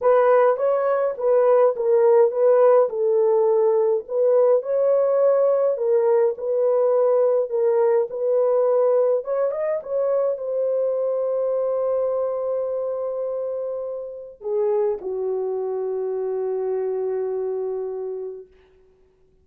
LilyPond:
\new Staff \with { instrumentName = "horn" } { \time 4/4 \tempo 4 = 104 b'4 cis''4 b'4 ais'4 | b'4 a'2 b'4 | cis''2 ais'4 b'4~ | b'4 ais'4 b'2 |
cis''8 dis''8 cis''4 c''2~ | c''1~ | c''4 gis'4 fis'2~ | fis'1 | }